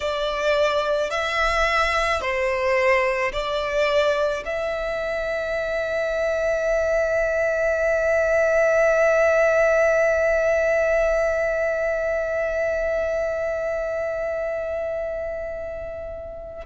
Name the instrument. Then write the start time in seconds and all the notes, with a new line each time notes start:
violin
0.00 D5
1.10 E5
2.21 C5
3.32 D5
4.44 E5